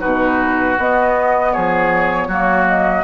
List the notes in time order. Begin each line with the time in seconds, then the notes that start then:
0.00 B2 D#4 F#4 B4
0.78 B3 D#5
1.53 F3 G#4 C#5
2.28 F#3 A#3 F#4
2.67 D#5